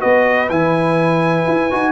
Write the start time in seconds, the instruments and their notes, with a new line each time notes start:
0.00 tuba B3, trombone F#4, horn B4, trumpet D#5
0.49 tuba E3, trombone E4, trumpet G#5
1.47 tuba E4
1.70 tuba D#4, trombone F#4